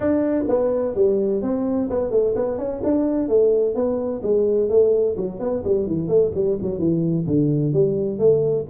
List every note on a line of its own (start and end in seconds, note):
0.00 0.45 D4
0.48 0.95 B3
0.95 1.42 G3
1.42 1.89 C4
1.90 2.11 B3
2.11 2.34 A3
2.35 2.58 B3
2.58 2.81 C#4
2.83 3.28 D4
3.28 3.75 A3
3.75 4.21 B3
4.23 4.69 G#3
4.69 5.16 A3
5.16 5.39 F#3
5.39 5.62 B3
5.64 5.87 G3
5.87 6.07 E3
6.07 6.31 A3
6.34 6.58 G3
6.61 6.79 F#3
6.79 7.25 E3
7.26 7.73 D3
7.73 8.18 G3
8.18 8.65 A3